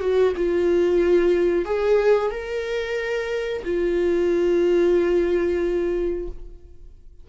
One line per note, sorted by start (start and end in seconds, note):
0.00 0.33 F#4
0.36 1.65 F4
1.65 2.31 G#4
2.31 3.63 A#4
3.64 6.28 F4